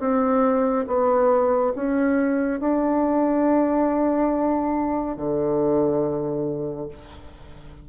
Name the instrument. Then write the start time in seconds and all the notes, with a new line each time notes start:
bassoon
0.00 C4
0.87 B3
1.75 C#4
2.60 D4
5.17 D3